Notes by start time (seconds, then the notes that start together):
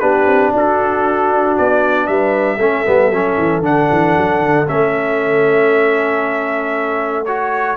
0.00 B3 D4 G4 B4
0.27 C4
0.54 D4 F#4 A4
1.57 B3 D5
2.07 G3 B4 E5
2.58 A3 C#4 A4
2.86 G3 B3
3.10 F#3 C#4
3.38 E3
3.61 D3 D4 F#5
3.92 E3
4.18 F#3
4.40 D3
4.67 A3 C#4 E5
7.26 F#4 C#5